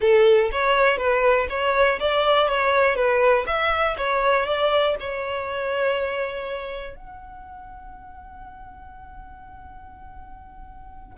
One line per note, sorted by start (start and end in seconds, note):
0.00 0.50 A4
0.51 0.97 C#5
0.97 1.47 B4
1.49 1.99 C#5
1.99 2.48 D5
2.48 2.95 C#5
2.95 3.45 B4
3.46 3.96 E5
3.97 4.46 C#5
4.46 4.95 D5
5.00 6.96 C#5
6.96 11.17 F#5